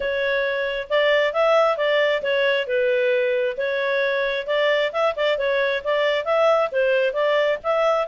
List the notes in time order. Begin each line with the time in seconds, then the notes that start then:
0.00 C#5
0.89 D5
1.33 E5
1.77 D5
2.22 C#5
2.67 B4
3.57 C#5
4.47 D5
4.92 E5
5.16 D5
5.38 C#5
5.84 D5
6.25 E5
6.71 C5
7.13 D5
7.63 E5